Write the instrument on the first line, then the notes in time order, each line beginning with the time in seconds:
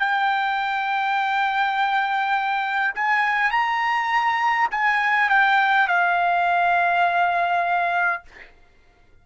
trumpet
0.00 G5
2.95 G#5
3.51 A#5
4.72 G#5
5.30 G5
5.88 F5